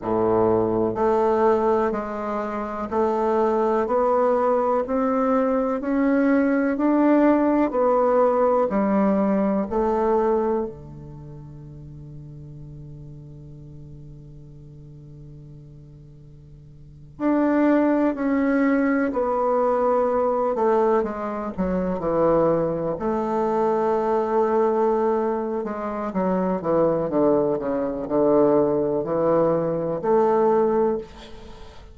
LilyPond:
\new Staff \with { instrumentName = "bassoon" } { \time 4/4 \tempo 4 = 62 a,4 a4 gis4 a4 | b4 c'4 cis'4 d'4 | b4 g4 a4 d4~ | d1~ |
d4.~ d16 d'4 cis'4 b16~ | b4~ b16 a8 gis8 fis8 e4 a16~ | a2~ a8 gis8 fis8 e8 | d8 cis8 d4 e4 a4 | }